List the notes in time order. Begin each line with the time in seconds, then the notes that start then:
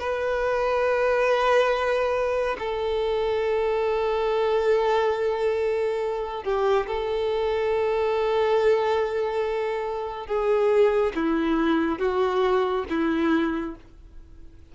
0.00 B4
2.59 A4
6.44 G4
6.87 A4
10.27 G#4
11.16 E4
12.00 F#4
12.90 E4